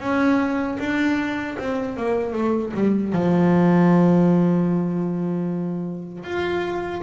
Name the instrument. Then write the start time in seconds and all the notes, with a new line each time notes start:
double bass
0.00 C#4
0.79 D4
1.59 C4
1.97 A#3
2.33 A3
2.74 G3
3.13 F3
6.24 F4